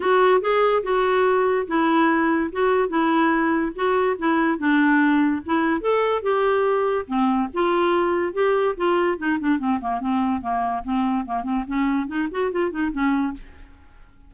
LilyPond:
\new Staff \with { instrumentName = "clarinet" } { \time 4/4 \tempo 4 = 144 fis'4 gis'4 fis'2 | e'2 fis'4 e'4~ | e'4 fis'4 e'4 d'4~ | d'4 e'4 a'4 g'4~ |
g'4 c'4 f'2 | g'4 f'4 dis'8 d'8 c'8 ais8 | c'4 ais4 c'4 ais8 c'8 | cis'4 dis'8 fis'8 f'8 dis'8 cis'4 | }